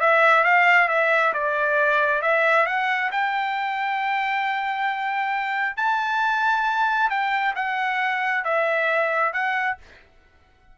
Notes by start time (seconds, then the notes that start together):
0.00 E5
0.43 F5
0.88 E5
1.33 D5
2.21 E5
2.66 F#5
3.11 G5
5.76 A5
7.09 G5
7.55 F#5
8.44 E5
9.32 F#5